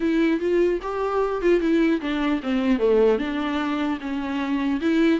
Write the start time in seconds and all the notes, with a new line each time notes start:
0.00 E4
0.40 F4
0.81 G4
1.41 F4
1.60 E4
2.01 D4
2.43 C4
2.78 A3
3.18 D4
4.00 C#4
4.81 E4